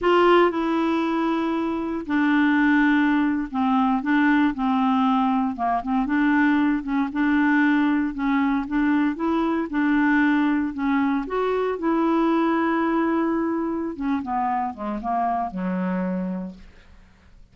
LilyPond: \new Staff \with { instrumentName = "clarinet" } { \time 4/4 \tempo 4 = 116 f'4 e'2. | d'2~ d'8. c'4 d'16~ | d'8. c'2 ais8 c'8 d'16~ | d'4~ d'16 cis'8 d'2 cis'16~ |
cis'8. d'4 e'4 d'4~ d'16~ | d'8. cis'4 fis'4 e'4~ e'16~ | e'2. cis'8 b8~ | b8 gis8 ais4 fis2 | }